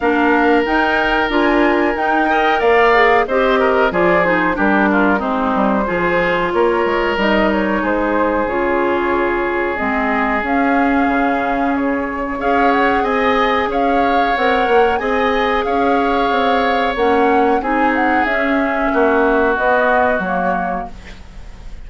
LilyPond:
<<
  \new Staff \with { instrumentName = "flute" } { \time 4/4 \tempo 4 = 92 f''4 g''4 gis''4 g''4 | f''4 dis''4 d''8 c''8 ais'4 | c''2 cis''4 dis''8 cis''8 | c''4 cis''2 dis''4 |
f''2 cis''4 f''8 fis''8 | gis''4 f''4 fis''4 gis''4 | f''2 fis''4 gis''8 fis''8 | e''2 dis''4 cis''4 | }
  \new Staff \with { instrumentName = "oboe" } { \time 4/4 ais'2.~ ais'8 dis''8 | d''4 c''8 ais'8 gis'4 g'8 f'8 | dis'4 gis'4 ais'2 | gis'1~ |
gis'2. cis''4 | dis''4 cis''2 dis''4 | cis''2. gis'4~ | gis'4 fis'2. | }
  \new Staff \with { instrumentName = "clarinet" } { \time 4/4 d'4 dis'4 f'4 dis'8 ais'8~ | ais'8 gis'8 g'4 f'8 dis'8 d'4 | c'4 f'2 dis'4~ | dis'4 f'2 c'4 |
cis'2. gis'4~ | gis'2 ais'4 gis'4~ | gis'2 cis'4 dis'4 | cis'2 b4 ais4 | }
  \new Staff \with { instrumentName = "bassoon" } { \time 4/4 ais4 dis'4 d'4 dis'4 | ais4 c'4 f4 g4 | gis8 g8 f4 ais8 gis8 g4 | gis4 cis2 gis4 |
cis'4 cis2 cis'4 | c'4 cis'4 c'8 ais8 c'4 | cis'4 c'4 ais4 c'4 | cis'4 ais4 b4 fis4 | }
>>